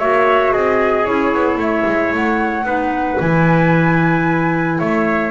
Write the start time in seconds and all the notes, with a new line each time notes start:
0.00 A#3 F#4 C#5 E5
0.53 C4 G#4 D#5
1.04 C#4 E4 C#5
1.35 B3
1.58 A3 C#5 E5
1.86 G#3
2.13 A3 F#5
2.64 B3 D#4 B4
3.19 E3 E4 G#5
4.79 A3 C#5 E5